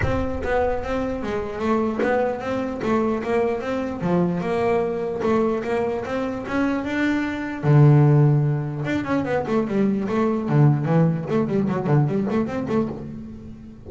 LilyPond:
\new Staff \with { instrumentName = "double bass" } { \time 4/4 \tempo 4 = 149 c'4 b4 c'4 gis4 | a4 b4 c'4 a4 | ais4 c'4 f4 ais4~ | ais4 a4 ais4 c'4 |
cis'4 d'2 d4~ | d2 d'8 cis'8 b8 a8 | g4 a4 d4 e4 | a8 g8 fis8 d8 g8 a8 c'8 a8 | }